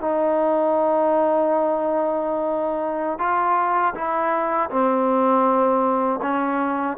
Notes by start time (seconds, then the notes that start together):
0.00 D#4
3.18 F4
3.94 E4
4.70 C4
6.22 C#4